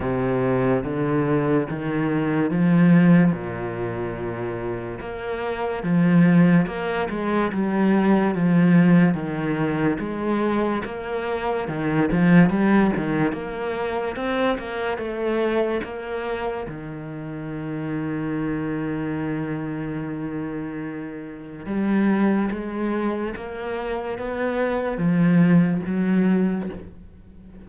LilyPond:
\new Staff \with { instrumentName = "cello" } { \time 4/4 \tempo 4 = 72 c4 d4 dis4 f4 | ais,2 ais4 f4 | ais8 gis8 g4 f4 dis4 | gis4 ais4 dis8 f8 g8 dis8 |
ais4 c'8 ais8 a4 ais4 | dis1~ | dis2 g4 gis4 | ais4 b4 f4 fis4 | }